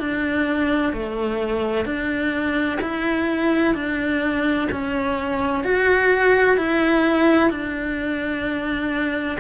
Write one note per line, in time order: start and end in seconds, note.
0.00 0.93 D4
0.93 1.86 A3
1.86 2.80 D4
2.82 3.75 E4
3.75 4.69 D4
4.72 5.64 C#4
5.64 6.58 F#4
6.58 7.51 E4
7.51 9.38 D4